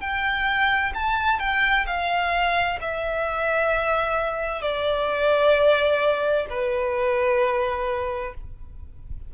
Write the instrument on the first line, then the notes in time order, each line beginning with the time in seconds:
violin
0.00 G5
0.94 A5
1.39 G5
1.86 F5
2.81 E5
4.61 D5
6.50 B4